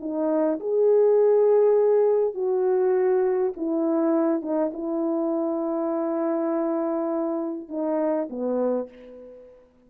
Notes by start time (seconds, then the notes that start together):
0.00 D#4
0.60 G#4
2.34 F#4
3.57 E4
4.42 D#4
4.73 E4
7.69 D#4
8.30 B3